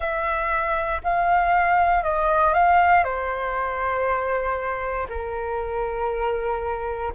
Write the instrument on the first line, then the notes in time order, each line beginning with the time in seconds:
flute
0.00 E5
1.03 F5
2.03 D#5
2.53 F5
3.04 C5
5.09 A#4